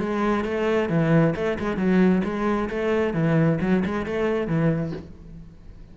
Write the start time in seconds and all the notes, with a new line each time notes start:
0.00 G#3
0.45 A3
0.90 E3
1.36 A3
1.60 G#3
1.77 F#3
2.25 G#3
2.70 A3
3.14 E3
3.61 F#3
3.86 G#3
4.06 A3
4.47 E3